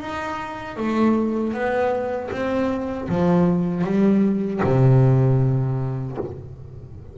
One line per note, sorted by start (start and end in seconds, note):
0.00 0.77 D#4
0.77 1.53 A3
1.53 2.30 B3
2.31 3.08 C4
3.09 3.84 F3
3.84 4.61 G3
4.64 6.17 C3